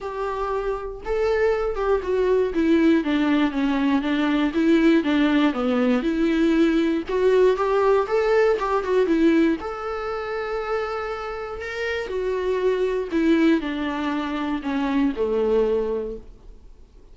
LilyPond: \new Staff \with { instrumentName = "viola" } { \time 4/4 \tempo 4 = 119 g'2 a'4. g'8 | fis'4 e'4 d'4 cis'4 | d'4 e'4 d'4 b4 | e'2 fis'4 g'4 |
a'4 g'8 fis'8 e'4 a'4~ | a'2. ais'4 | fis'2 e'4 d'4~ | d'4 cis'4 a2 | }